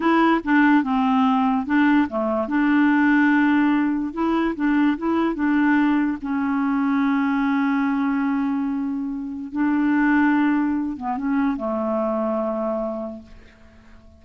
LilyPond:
\new Staff \with { instrumentName = "clarinet" } { \time 4/4 \tempo 4 = 145 e'4 d'4 c'2 | d'4 a4 d'2~ | d'2 e'4 d'4 | e'4 d'2 cis'4~ |
cis'1~ | cis'2. d'4~ | d'2~ d'8 b8 cis'4 | a1 | }